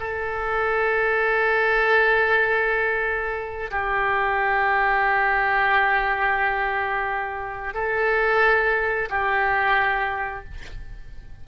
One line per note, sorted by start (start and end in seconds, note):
0.00 3.71 A4
3.71 7.74 G4
7.74 9.09 A4
9.10 10.45 G4